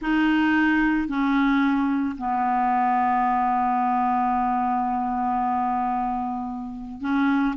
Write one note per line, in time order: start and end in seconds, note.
0.01 1.08 D#4
1.08 2.16 C#4
2.17 7.00 B3
7.00 7.54 C#4